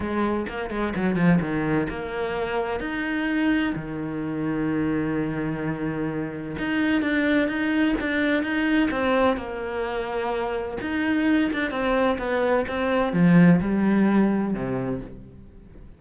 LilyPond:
\new Staff \with { instrumentName = "cello" } { \time 4/4 \tempo 4 = 128 gis4 ais8 gis8 fis8 f8 dis4 | ais2 dis'2 | dis1~ | dis2 dis'4 d'4 |
dis'4 d'4 dis'4 c'4 | ais2. dis'4~ | dis'8 d'8 c'4 b4 c'4 | f4 g2 c4 | }